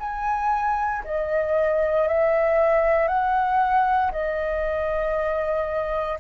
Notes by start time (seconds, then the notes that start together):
0.00 G#5
1.04 D#5
2.08 E5
3.08 F#5
4.12 D#5